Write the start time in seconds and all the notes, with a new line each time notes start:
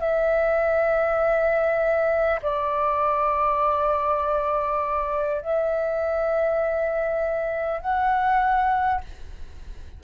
0.00 E5
2.42 D5
5.42 E5
7.81 F#5